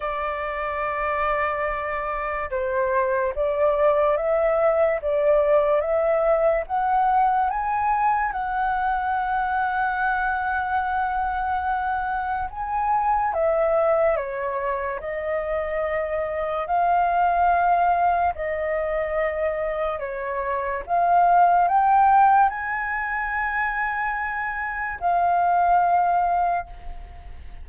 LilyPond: \new Staff \with { instrumentName = "flute" } { \time 4/4 \tempo 4 = 72 d''2. c''4 | d''4 e''4 d''4 e''4 | fis''4 gis''4 fis''2~ | fis''2. gis''4 |
e''4 cis''4 dis''2 | f''2 dis''2 | cis''4 f''4 g''4 gis''4~ | gis''2 f''2 | }